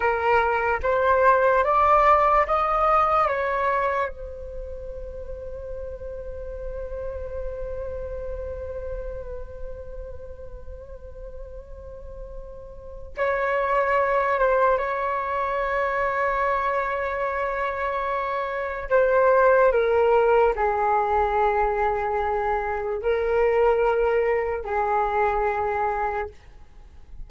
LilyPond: \new Staff \with { instrumentName = "flute" } { \time 4/4 \tempo 4 = 73 ais'4 c''4 d''4 dis''4 | cis''4 c''2.~ | c''1~ | c''1 |
cis''4. c''8 cis''2~ | cis''2. c''4 | ais'4 gis'2. | ais'2 gis'2 | }